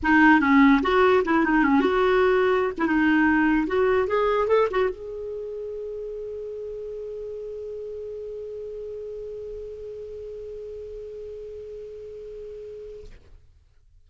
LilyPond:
\new Staff \with { instrumentName = "clarinet" } { \time 4/4 \tempo 4 = 147 dis'4 cis'4 fis'4 e'8 dis'8 | cis'8 fis'2~ fis'16 e'16 dis'4~ | dis'4 fis'4 gis'4 a'8 fis'8 | gis'1~ |
gis'1~ | gis'1~ | gis'1~ | gis'1 | }